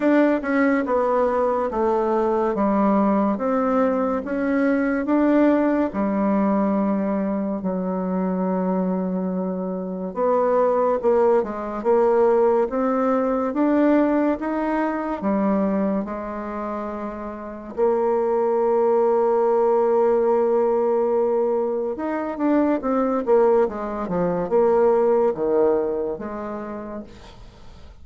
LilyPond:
\new Staff \with { instrumentName = "bassoon" } { \time 4/4 \tempo 4 = 71 d'8 cis'8 b4 a4 g4 | c'4 cis'4 d'4 g4~ | g4 fis2. | b4 ais8 gis8 ais4 c'4 |
d'4 dis'4 g4 gis4~ | gis4 ais2.~ | ais2 dis'8 d'8 c'8 ais8 | gis8 f8 ais4 dis4 gis4 | }